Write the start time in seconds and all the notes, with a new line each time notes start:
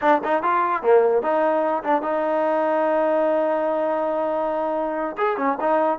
0.01 D4
0.24 D#4
0.42 F4
0.82 A#3
1.22 D#4
1.83 D4
2.02 D#4
5.17 G#4
5.37 C#4
5.60 D#4